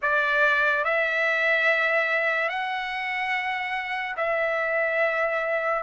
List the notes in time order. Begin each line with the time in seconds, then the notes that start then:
0.02 D5
0.84 E5
2.48 F#5
4.17 E5